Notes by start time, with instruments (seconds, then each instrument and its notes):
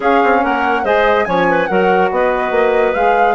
0.00 bassoon C#4, saxophone C#4, clarinet G#4, flute F5
0.23 bassoon C4
0.43 bassoon A#3, clarinet A#4, flute F#5
0.83 bassoon G#3, saxophone G#4, clarinet C5, flute D#5
1.24 bassoon F3, saxophone C#4, clarinet C#5, flute G#5
1.49 clarinet B4
1.66 bassoon F#3, saxophone F#4, clarinet A#4, flute F#5
2.11 bassoon B3, clarinet B4, flute D#5
2.51 bassoon A#3
2.93 bassoon G#3, saxophone G#4, flute F5